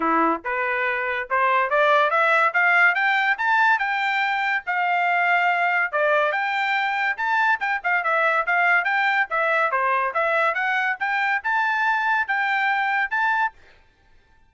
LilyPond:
\new Staff \with { instrumentName = "trumpet" } { \time 4/4 \tempo 4 = 142 e'4 b'2 c''4 | d''4 e''4 f''4 g''4 | a''4 g''2 f''4~ | f''2 d''4 g''4~ |
g''4 a''4 g''8 f''8 e''4 | f''4 g''4 e''4 c''4 | e''4 fis''4 g''4 a''4~ | a''4 g''2 a''4 | }